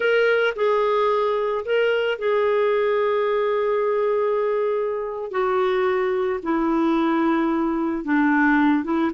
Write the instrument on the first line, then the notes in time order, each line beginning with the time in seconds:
clarinet
0.00 A#4
0.55 G#4
1.65 A#4
2.18 G#4
5.31 F#4
6.42 E4
8.04 D4
8.83 E4